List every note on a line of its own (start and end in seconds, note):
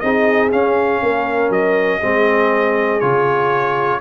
0.00 0.53 C4
0.00 0.52 D#4
0.00 1.02 G#4
0.00 0.50 D#5
0.52 2.02 C#4
0.52 1.02 C#4
0.52 1.52 F5
1.02 1.50 A#3
1.02 2.00 A#4
1.50 2.00 F#3
1.50 3.01 D#5
2.00 3.02 G#3
2.00 3.01 C4
2.00 4.00 G#4
3.01 4.01 C#3
3.01 4.01 F4
3.01 4.01 C#5